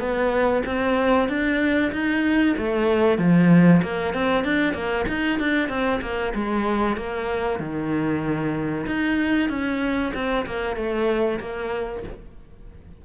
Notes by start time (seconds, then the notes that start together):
0.00 B3
0.66 C4
1.29 D4
1.92 D#4
2.58 A3
3.19 F3
3.83 A#3
4.14 C4
4.44 D4
4.74 A#3
5.09 D#4
5.40 D4
5.70 C4
6.02 A#3
6.35 G#3
6.97 A#3
7.60 D#3
8.87 D#4
9.50 C#4
10.15 C4
10.47 A#3
10.77 A3
11.41 A#3